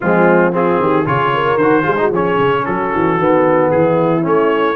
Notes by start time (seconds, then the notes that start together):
0.00 F3 G#3 C4 F4
0.51 C4 F4 G#4
0.79 D#3 G4
1.05 C#3 F4 G#4 C#5
1.34 A#4
1.56 D#3 F#4 C5
1.82 G#3 F4 G#4
1.97 D#4 F#4
2.10 F3 C#4 G#4 C#5
2.38 C#3
2.65 F#3 F#4 A4
2.94 E3
3.18 D#3 B3
3.70 E3 E4 G#4
4.21 A3 C#4 C#5